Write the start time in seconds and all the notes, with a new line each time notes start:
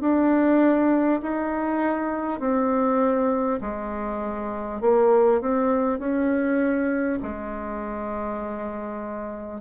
0.00 D4
1.22 D#4
2.39 C4
3.61 G#3
4.81 A#3
5.41 C4
5.99 C#4
7.22 G#3